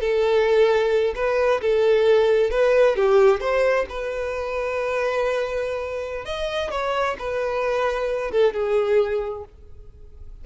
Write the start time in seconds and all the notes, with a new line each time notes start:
0.00 A4
1.15 B4
1.61 A4
2.50 B4
2.96 G4
3.40 C5
3.89 B4
6.25 D#5
6.71 C#5
7.18 B4
8.31 A4
8.53 G#4